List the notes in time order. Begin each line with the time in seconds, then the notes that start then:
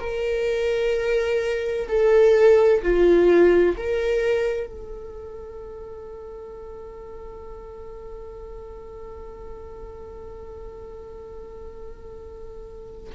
0.00 A#4
1.88 A4
2.83 F4
3.78 A#4
4.67 A4